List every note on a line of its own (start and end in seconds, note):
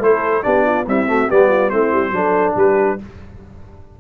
0.00 0.42 A3
0.00 0.43 E4
0.00 0.45 A4
0.00 0.43 C5
0.43 0.88 B3
0.43 0.85 D4
0.43 0.65 G4
0.43 0.85 D5
0.65 0.87 F4
0.87 1.07 G3
0.87 1.30 C4
0.87 1.09 E4
0.87 1.31 E5
1.07 1.28 A3
1.07 1.29 F#4
1.29 1.72 G3
1.29 1.71 B3
1.29 1.49 G4
1.29 1.70 D5
1.49 1.70 F4
1.70 1.92 A3
1.70 2.14 C4
1.70 2.12 E4
1.70 2.54 C5
1.92 2.11 G3
2.11 2.54 F#3
2.11 2.98 D4
2.11 2.56 A4
2.56 2.98 G3
2.56 2.98 G4
2.56 3.00 B4